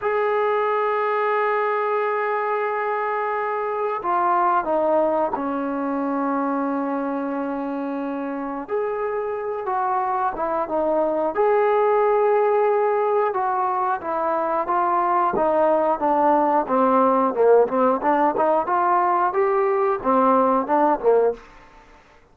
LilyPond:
\new Staff \with { instrumentName = "trombone" } { \time 4/4 \tempo 4 = 90 gis'1~ | gis'2 f'4 dis'4 | cis'1~ | cis'4 gis'4. fis'4 e'8 |
dis'4 gis'2. | fis'4 e'4 f'4 dis'4 | d'4 c'4 ais8 c'8 d'8 dis'8 | f'4 g'4 c'4 d'8 ais8 | }